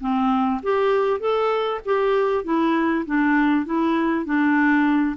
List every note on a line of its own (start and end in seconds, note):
0.00 0.61 C4
0.63 1.20 G4
1.20 1.80 A4
1.85 2.44 G4
2.44 3.05 E4
3.06 3.66 D4
3.66 4.25 E4
4.25 5.16 D4